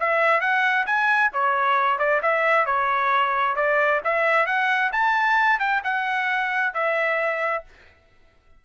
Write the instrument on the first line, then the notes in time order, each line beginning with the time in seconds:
trumpet
0.00 E5
0.41 F#5
0.87 G#5
1.33 C#5
1.99 D5
2.22 E5
2.66 C#5
3.56 D5
4.05 E5
4.47 F#5
4.93 A5
5.60 G5
5.84 F#5
6.74 E5